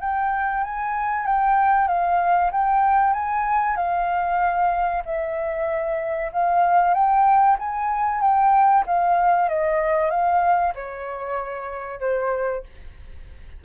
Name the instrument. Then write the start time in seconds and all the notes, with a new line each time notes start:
flute
0.00 G5
0.63 G#5
1.26 G5
1.87 F5
2.51 G5
3.13 G#5
3.76 F5
5.05 E5
6.32 F5
6.94 G5
7.58 G#5
8.21 G5
8.86 F5
9.49 D#5
10.10 F5
10.75 C#5
12.00 C5